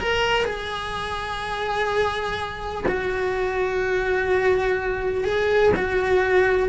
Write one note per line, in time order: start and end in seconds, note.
0.00 0.45 A#4
0.45 2.85 G#4
2.88 5.25 F#4
5.25 5.73 G#4
5.76 6.69 F#4